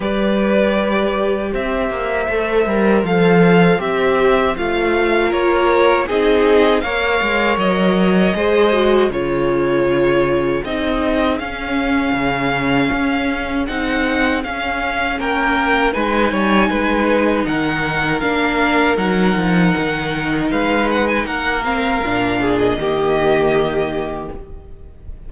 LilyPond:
<<
  \new Staff \with { instrumentName = "violin" } { \time 4/4 \tempo 4 = 79 d''2 e''2 | f''4 e''4 f''4 cis''4 | dis''4 f''4 dis''2 | cis''2 dis''4 f''4~ |
f''2 fis''4 f''4 | g''4 gis''2 fis''4 | f''4 fis''2 f''8 fis''16 gis''16 | fis''8 f''4~ f''16 dis''2~ dis''16 | }
  \new Staff \with { instrumentName = "violin" } { \time 4/4 b'2 c''2~ | c''2. ais'4 | gis'4 cis''2 c''4 | gis'1~ |
gis'1 | ais'4 b'8 cis''8 b'4 ais'4~ | ais'2. b'4 | ais'4. gis'8 g'2 | }
  \new Staff \with { instrumentName = "viola" } { \time 4/4 g'2. a'8 ais'8 | a'4 g'4 f'2 | dis'4 ais'2 gis'8 fis'8 | f'2 dis'4 cis'4~ |
cis'2 dis'4 cis'4~ | cis'4 dis'2. | d'4 dis'2.~ | dis'8 c'8 d'4 ais2 | }
  \new Staff \with { instrumentName = "cello" } { \time 4/4 g2 c'8 ais8 a8 g8 | f4 c'4 a4 ais4 | c'4 ais8 gis8 fis4 gis4 | cis2 c'4 cis'4 |
cis4 cis'4 c'4 cis'4 | ais4 gis8 g8 gis4 dis4 | ais4 fis8 f8 dis4 gis4 | ais4 ais,4 dis2 | }
>>